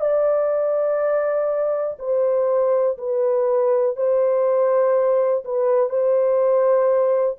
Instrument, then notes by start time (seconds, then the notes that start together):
horn
0.00 D5
1.99 C5
2.97 B4
3.96 C5
5.44 B4
5.89 C5